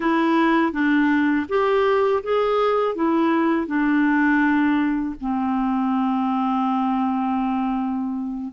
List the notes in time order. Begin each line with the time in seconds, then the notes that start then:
0.00 E4
0.72 D4
1.48 G4
2.23 G#4
2.95 E4
3.67 D4
5.21 C4